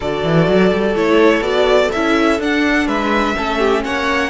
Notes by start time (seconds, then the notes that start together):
0.00 D3 F#4 A4 D5
0.23 E3
0.47 F#3
0.72 G3
0.95 A3 E4 C#5
1.41 B3 F#4 D5
1.92 C#4 E4 E5
2.39 D4 F#5
2.86 G#3 B4 E5
3.35 A3 C#4 A4
3.59 G4
3.84 A#3 C#5 F#5